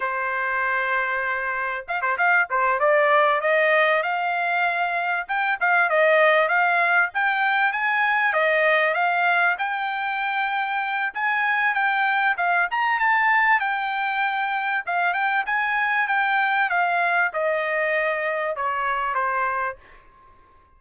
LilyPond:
\new Staff \with { instrumentName = "trumpet" } { \time 4/4 \tempo 4 = 97 c''2. f''16 c''16 f''8 | c''8 d''4 dis''4 f''4.~ | f''8 g''8 f''8 dis''4 f''4 g''8~ | g''8 gis''4 dis''4 f''4 g''8~ |
g''2 gis''4 g''4 | f''8 ais''8 a''4 g''2 | f''8 g''8 gis''4 g''4 f''4 | dis''2 cis''4 c''4 | }